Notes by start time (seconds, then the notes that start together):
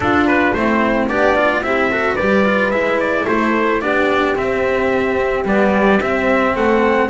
0.00 D4 F4 A4
0.27 B4
0.52 A3 C4 E4 C5
1.07 B3 D4 G4 D5
1.36 F4
1.61 C4 E4 G4 E5
1.91 F#4 A4
2.15 G3 G4 B4 D5
2.45 F4
2.71 G#3 E4 E5
2.99 D5
3.27 A3 A4 C5
3.81 B3 D4 G4 D5
4.35 C4 E5
5.44 G3 B3 D5
6.00 C4 E5
6.55 A3 A4 F#5